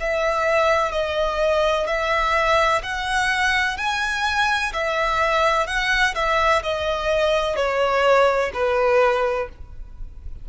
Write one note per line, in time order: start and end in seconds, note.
0.00 0.91 E5
0.91 1.86 D#5
1.86 2.81 E5
2.83 3.77 F#5
3.77 4.72 G#5
4.73 5.66 E5
5.66 6.14 F#5
6.14 6.62 E5
6.62 7.55 D#5
7.55 8.51 C#5
8.53 9.48 B4